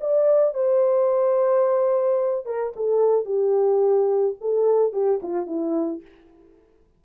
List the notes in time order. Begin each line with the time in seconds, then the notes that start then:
0.00 D5
0.54 C5
2.45 A#4
2.76 A4
3.25 G4
4.41 A4
4.92 G4
5.22 F4
5.46 E4